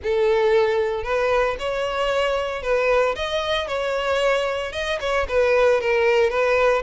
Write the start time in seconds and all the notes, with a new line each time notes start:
0.03 A4
1.03 B4
1.59 C#5
2.62 B4
3.15 D#5
3.67 C#5
4.72 D#5
5.00 C#5
5.28 B4
5.80 A#4
6.29 B4